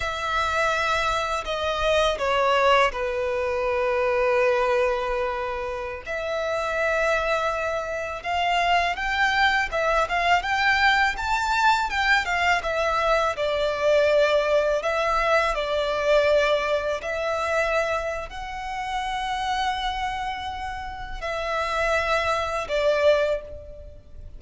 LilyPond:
\new Staff \with { instrumentName = "violin" } { \time 4/4 \tempo 4 = 82 e''2 dis''4 cis''4 | b'1~ | b'16 e''2. f''8.~ | f''16 g''4 e''8 f''8 g''4 a''8.~ |
a''16 g''8 f''8 e''4 d''4.~ d''16~ | d''16 e''4 d''2 e''8.~ | e''4 fis''2.~ | fis''4 e''2 d''4 | }